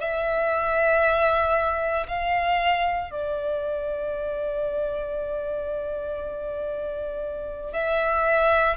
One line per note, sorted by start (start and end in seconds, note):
0.00 2.07 E5
2.08 3.11 F5
3.11 7.74 D5
7.74 8.77 E5